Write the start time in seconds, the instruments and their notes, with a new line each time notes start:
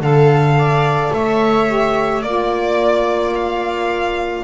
0.00 double bass D3, saxophone A4, viola A4, violin F5
0.59 viola D5
1.13 double bass A3, viola C#5, violin E5
1.67 saxophone G4
2.22 double bass A#3, saxophone F4, violin D5, viola D5
3.35 violin F5